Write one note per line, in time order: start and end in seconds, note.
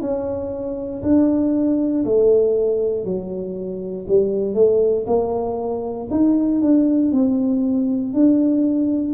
0.00 1.02 C#4
1.02 2.04 D4
2.04 3.04 A3
3.04 4.06 F#3
4.08 4.54 G3
4.54 5.05 A3
5.06 6.08 A#3
6.10 6.61 D#4
6.61 7.11 D4
7.11 8.13 C4
8.13 9.13 D4